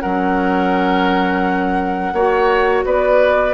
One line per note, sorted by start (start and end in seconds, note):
0.00 2.13 F#3
0.00 2.15 C#4
0.00 2.13 A#4
0.00 2.82 F#5
2.13 2.83 A#3
2.13 3.54 F#4
2.13 2.85 C#5
2.85 3.54 B3
2.85 3.54 B4
2.85 3.54 D5